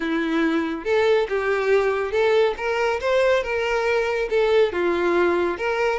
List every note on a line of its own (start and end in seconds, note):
0.00 0.84 E4
0.84 1.27 A4
1.28 2.11 G4
2.11 2.54 A4
2.57 3.00 A#4
3.00 3.43 C5
3.43 4.29 A#4
4.30 4.72 A4
4.72 5.57 F4
5.57 5.99 A#4